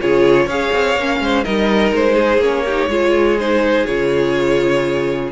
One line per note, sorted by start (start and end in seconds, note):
0.00 0.46 C#3
0.00 0.48 F4
0.00 0.46 G#4
0.00 0.49 C#5
0.46 0.70 C#4
0.46 0.98 G#4
0.46 1.18 C#5
0.46 1.44 F5
0.72 0.96 C4
0.96 1.20 A#3
0.96 1.44 C#4
1.20 1.44 G#3
1.20 1.44 C5
1.44 1.92 G3
1.44 2.41 D#4
1.44 2.15 A#4
1.44 1.92 D#5
1.92 2.38 G#3
1.92 2.42 C5
2.15 2.63 G#4
2.38 2.86 A#3
2.38 2.65 C#4
2.38 3.39 C#5
2.65 2.90 D#4
2.65 2.89 G4
2.88 3.85 G#3
2.88 3.38 F4
2.88 5.31 G#4
3.39 3.87 D#4
3.39 3.85 C5
3.85 5.31 C#3
3.85 5.31 F4
3.85 5.31 C#5